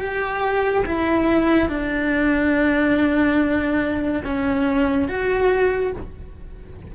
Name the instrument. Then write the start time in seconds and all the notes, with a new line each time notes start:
cello
0.00 G4
0.86 E4
1.69 D4
4.24 C#4
5.09 F#4